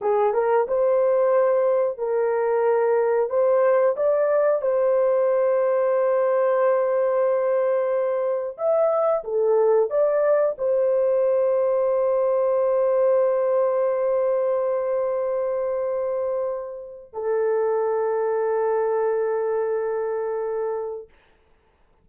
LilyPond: \new Staff \with { instrumentName = "horn" } { \time 4/4 \tempo 4 = 91 gis'8 ais'8 c''2 ais'4~ | ais'4 c''4 d''4 c''4~ | c''1~ | c''4 e''4 a'4 d''4 |
c''1~ | c''1~ | c''2 a'2~ | a'1 | }